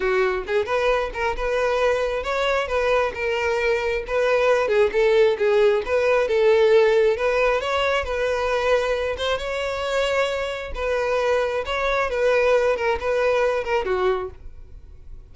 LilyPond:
\new Staff \with { instrumentName = "violin" } { \time 4/4 \tempo 4 = 134 fis'4 gis'8 b'4 ais'8 b'4~ | b'4 cis''4 b'4 ais'4~ | ais'4 b'4. gis'8 a'4 | gis'4 b'4 a'2 |
b'4 cis''4 b'2~ | b'8 c''8 cis''2. | b'2 cis''4 b'4~ | b'8 ais'8 b'4. ais'8 fis'4 | }